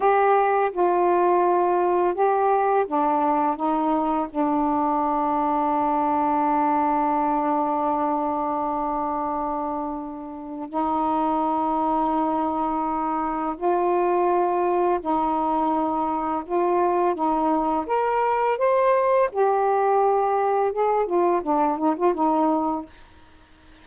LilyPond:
\new Staff \with { instrumentName = "saxophone" } { \time 4/4 \tempo 4 = 84 g'4 f'2 g'4 | d'4 dis'4 d'2~ | d'1~ | d'2. dis'4~ |
dis'2. f'4~ | f'4 dis'2 f'4 | dis'4 ais'4 c''4 g'4~ | g'4 gis'8 f'8 d'8 dis'16 f'16 dis'4 | }